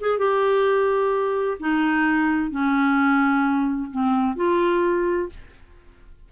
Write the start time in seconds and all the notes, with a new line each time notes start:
0.00 G#4
0.18 G4
1.59 D#4
2.50 C#4
3.90 C4
4.36 F4